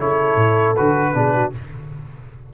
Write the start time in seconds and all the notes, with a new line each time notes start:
0.00 C#3 E4 A4 C#5
0.36 A2
0.76 D3 F#4 B4
1.14 B2 D4 G#4
1.35 F#4